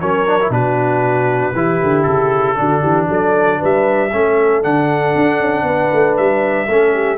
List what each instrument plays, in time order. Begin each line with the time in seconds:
0.00 tuba F#3, trombone C#4, horn A#4, trumpet C#5
0.27 trombone D4
0.40 trombone E4
0.49 tuba B2, trombone D4, horn F#4, trumpet B4
1.54 tuba E3, trombone E4, horn G4
1.83 tuba D3
2.02 tuba C#3, trumpet A4
2.56 tuba D3, trombone D4, horn F#4
2.80 tuba E3, horn G4
3.08 tuba F#3, horn A4, trumpet D5
3.58 tuba G3, horn B4, trumpet E5
4.12 tuba A3, trombone C#4, horn A4
4.62 tuba D3, trombone D4, trumpet F#5
5.15 tuba D4
5.40 tuba C#4
5.62 tuba B3, horn B4
5.93 tuba A3
6.16 tuba G3, trumpet E5
6.67 tuba A3, trombone C#4, horn A4
6.93 horn G4